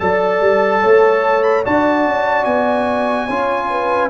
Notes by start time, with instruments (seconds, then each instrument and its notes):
0.00 tuba F#3, trombone A4, horn D5, trumpet A5
0.40 tuba G3
0.82 tuba A3, horn C#5
1.43 trumpet B5
1.65 tuba D4, trombone F#4, horn D5, trumpet A5
2.07 tuba C#4
2.45 tuba B3, trumpet G#5
3.27 tuba C#4, trombone F4, horn C#5
3.70 horn B4